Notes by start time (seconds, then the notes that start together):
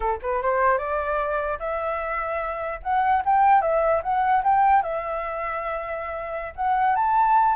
0.00 A4
0.22 B4
0.41 C5
0.78 D5
1.59 E5
2.82 F#5
3.25 G5
3.61 E5
4.02 F#5
4.43 G5
4.82 E5
6.55 F#5
6.95 A5